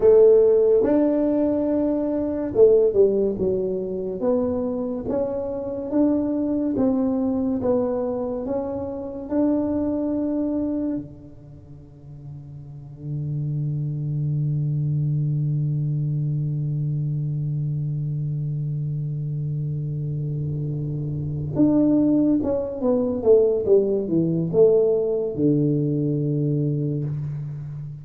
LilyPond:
\new Staff \with { instrumentName = "tuba" } { \time 4/4 \tempo 4 = 71 a4 d'2 a8 g8 | fis4 b4 cis'4 d'4 | c'4 b4 cis'4 d'4~ | d'4 d2.~ |
d1~ | d1~ | d4. d'4 cis'8 b8 a8 | g8 e8 a4 d2 | }